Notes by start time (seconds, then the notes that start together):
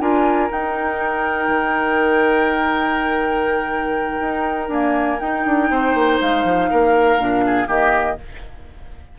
0.00 D4 F4 A#4 G#5
0.50 D#4 G5
1.47 D#3
4.20 D#4
4.68 A#3 D4 G#5
5.20 D#4 G5
5.45 D4
5.70 C4 C5
5.94 A#3
6.21 G#3 F5
6.44 F3
6.70 A#3 A#4
7.17 A#2 D4
7.46 G#4
7.66 D#3 A#3 G4 D#5